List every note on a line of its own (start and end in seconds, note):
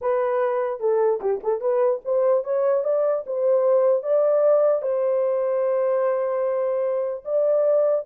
0.01 0.80 B4
0.80 1.20 A4
1.20 1.41 G4
1.43 1.60 A4
1.60 2.01 B4
2.04 2.44 C5
2.44 2.84 C#5
2.84 3.24 D5
3.26 4.03 C5
4.03 4.82 D5
4.82 7.23 C5
7.24 8.05 D5